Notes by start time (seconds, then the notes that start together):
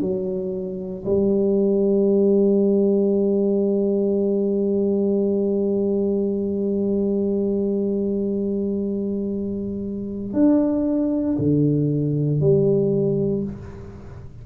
0.00 F#3
1.05 G3
10.33 D4
11.38 D3
12.40 G3